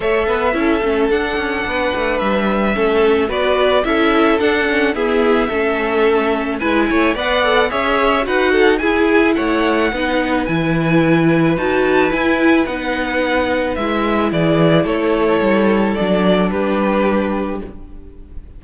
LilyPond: <<
  \new Staff \with { instrumentName = "violin" } { \time 4/4 \tempo 4 = 109 e''2 fis''2 | e''2 d''4 e''4 | fis''4 e''2. | gis''4 fis''4 e''4 fis''4 |
gis''4 fis''2 gis''4~ | gis''4 a''4 gis''4 fis''4~ | fis''4 e''4 d''4 cis''4~ | cis''4 d''4 b'2 | }
  \new Staff \with { instrumentName = "violin" } { \time 4/4 cis''8 b'8 a'2 b'4~ | b'4 a'4 b'4 a'4~ | a'4 gis'4 a'2 | b'8 cis''8 d''4 cis''4 b'8 a'8 |
gis'4 cis''4 b'2~ | b'1~ | b'2 gis'4 a'4~ | a'2 g'2 | }
  \new Staff \with { instrumentName = "viola" } { \time 4/4 a'4 e'8 cis'8 d'2~ | d'4 cis'4 fis'4 e'4 | d'8 cis'8 b4 cis'2 | e'4 b'8 a'8 gis'4 fis'4 |
e'2 dis'4 e'4~ | e'4 fis'4 e'4 dis'4~ | dis'4 e'2.~ | e'4 d'2. | }
  \new Staff \with { instrumentName = "cello" } { \time 4/4 a8 b8 cis'8 a8 d'8 cis'8 b8 a8 | g4 a4 b4 cis'4 | d'4 e'4 a2 | gis8 a8 b4 cis'4 dis'4 |
e'4 a4 b4 e4~ | e4 dis'4 e'4 b4~ | b4 gis4 e4 a4 | g4 fis4 g2 | }
>>